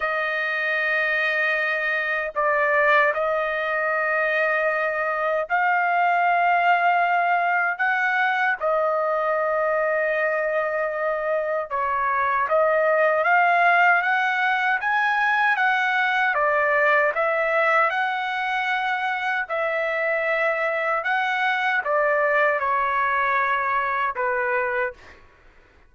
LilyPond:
\new Staff \with { instrumentName = "trumpet" } { \time 4/4 \tempo 4 = 77 dis''2. d''4 | dis''2. f''4~ | f''2 fis''4 dis''4~ | dis''2. cis''4 |
dis''4 f''4 fis''4 gis''4 | fis''4 d''4 e''4 fis''4~ | fis''4 e''2 fis''4 | d''4 cis''2 b'4 | }